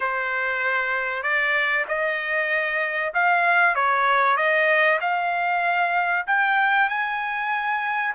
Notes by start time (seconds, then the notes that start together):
0.00 C5
1.22 D5
1.88 D#5
3.14 F5
3.75 C#5
4.36 D#5
5.01 F5
6.26 G5
6.89 G#5